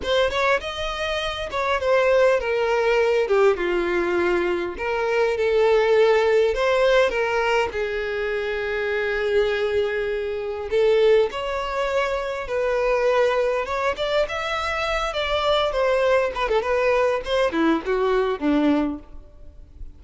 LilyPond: \new Staff \with { instrumentName = "violin" } { \time 4/4 \tempo 4 = 101 c''8 cis''8 dis''4. cis''8 c''4 | ais'4. g'8 f'2 | ais'4 a'2 c''4 | ais'4 gis'2.~ |
gis'2 a'4 cis''4~ | cis''4 b'2 cis''8 d''8 | e''4. d''4 c''4 b'16 a'16 | b'4 c''8 e'8 fis'4 d'4 | }